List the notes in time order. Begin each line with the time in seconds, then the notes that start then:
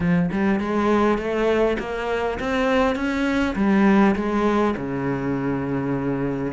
0.00 F3
0.31 G3
0.59 G#3
1.17 A3
1.79 A#3
2.39 C4
2.95 C#4
3.55 G3
4.15 G#3
4.77 C#3